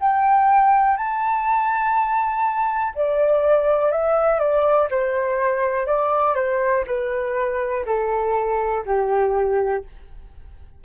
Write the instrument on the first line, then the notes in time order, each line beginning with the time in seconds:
flute
0.00 G5
0.97 A5
2.95 D5
3.92 E5
4.39 D5
4.90 C5
5.86 D5
6.35 C5
6.87 B4
7.86 A4
8.85 G4